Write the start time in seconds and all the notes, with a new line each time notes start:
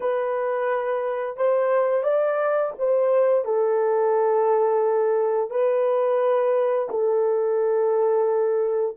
0.00 B4
1.36 C5
2.03 D5
2.78 C5
3.45 A4
5.50 B4
6.89 A4